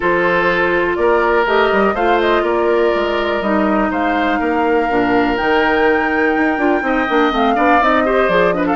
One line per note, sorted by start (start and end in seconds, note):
0.00 0.97 F3
0.00 1.46 F4
0.00 0.97 A4
0.00 0.95 C5
0.95 1.45 A#3
0.95 1.94 A#4
0.95 1.44 D5
1.45 1.70 A3
1.45 1.95 G4
1.45 1.95 D#5
1.71 1.93 G3
1.93 2.42 A3
1.93 3.43 F4
1.93 2.42 C5
1.93 2.20 F5
2.20 2.44 D#5
2.42 2.91 A#3
2.42 3.89 A#4
2.42 3.42 D5
2.94 3.41 G#3
3.41 3.90 G3
3.41 4.89 D#4
3.41 3.90 D#5
3.90 4.39 G#3
3.90 4.39 C5
3.90 5.37 F5
4.39 4.89 A#3
4.39 6.83 A#4
4.89 5.38 A#2
4.89 5.36 D4
5.36 6.36 D#3
5.36 6.58 D#4
5.36 7.32 G5
6.36 6.57 D#4
6.57 6.81 D4
6.57 6.80 F4
6.80 7.06 C4
6.80 7.05 D#4
6.80 7.55 D#5
7.08 7.31 A#3
7.08 7.31 D4
7.31 7.56 A3
7.31 7.55 C4
7.31 7.83 F5
7.55 7.81 B3
7.55 7.79 D4
7.55 8.03 D5
7.81 8.28 C4
7.81 8.05 D#4
7.81 8.29 D#5
8.05 8.29 G4
8.05 8.54 C5
8.28 8.76 F3
8.28 8.54 G#4
8.28 8.52 D5
8.52 8.76 D4
8.52 8.66 B4
8.52 8.65 D#5
8.66 8.76 A4
8.66 8.76 F5